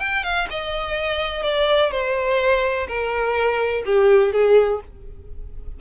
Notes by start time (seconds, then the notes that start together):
0.00 G5
0.24 F5
0.50 D#5
1.43 D5
1.91 C5
2.88 A#4
3.86 G4
4.32 G#4